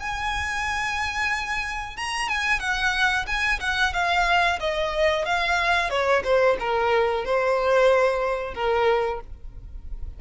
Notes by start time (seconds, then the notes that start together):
0.00 G#5
1.97 A#5
2.28 G#5
2.60 F#5
3.27 G#5
3.60 F#5
3.94 F5
4.60 D#5
5.25 F5
5.90 C#5
6.24 C5
6.60 A#4
7.25 C5
8.54 A#4